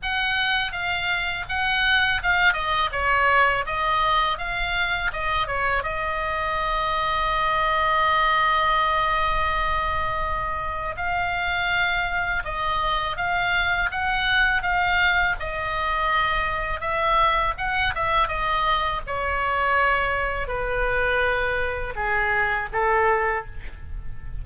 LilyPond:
\new Staff \with { instrumentName = "oboe" } { \time 4/4 \tempo 4 = 82 fis''4 f''4 fis''4 f''8 dis''8 | cis''4 dis''4 f''4 dis''8 cis''8 | dis''1~ | dis''2. f''4~ |
f''4 dis''4 f''4 fis''4 | f''4 dis''2 e''4 | fis''8 e''8 dis''4 cis''2 | b'2 gis'4 a'4 | }